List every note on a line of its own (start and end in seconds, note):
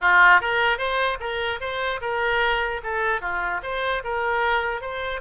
0.01 0.40 F4
0.40 0.77 A#4
0.77 1.17 C5
1.20 1.60 A#4
1.60 2.00 C5
2.01 2.81 A#4
2.83 3.21 A4
3.21 3.61 F4
3.62 4.02 C5
4.03 4.81 A#4
4.81 5.21 C5